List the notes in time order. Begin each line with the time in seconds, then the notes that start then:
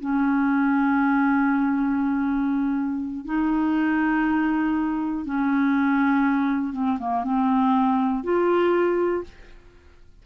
0.00 C#4
3.25 D#4
5.25 C#4
6.73 C4
6.99 A#3
7.24 C4
8.24 F4